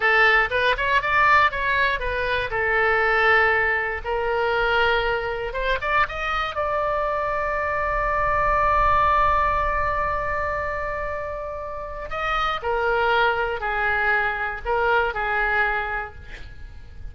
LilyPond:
\new Staff \with { instrumentName = "oboe" } { \time 4/4 \tempo 4 = 119 a'4 b'8 cis''8 d''4 cis''4 | b'4 a'2. | ais'2. c''8 d''8 | dis''4 d''2.~ |
d''1~ | d''1 | dis''4 ais'2 gis'4~ | gis'4 ais'4 gis'2 | }